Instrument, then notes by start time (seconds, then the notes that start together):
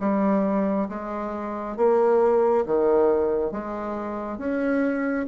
bassoon
0.00 G3
0.89 G#3
1.76 A#3
2.66 D#3
3.51 G#3
4.38 C#4